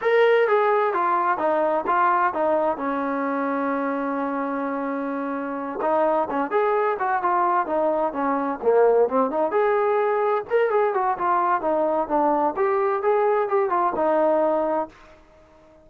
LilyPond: \new Staff \with { instrumentName = "trombone" } { \time 4/4 \tempo 4 = 129 ais'4 gis'4 f'4 dis'4 | f'4 dis'4 cis'2~ | cis'1~ | cis'8 dis'4 cis'8 gis'4 fis'8 f'8~ |
f'8 dis'4 cis'4 ais4 c'8 | dis'8 gis'2 ais'8 gis'8 fis'8 | f'4 dis'4 d'4 g'4 | gis'4 g'8 f'8 dis'2 | }